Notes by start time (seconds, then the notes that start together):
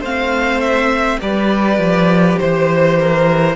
0.00 A3 C4 C5 F5
0.60 E5
1.19 G3 G4 B4 D5
1.78 F3
2.38 E3 C5
2.99 A#4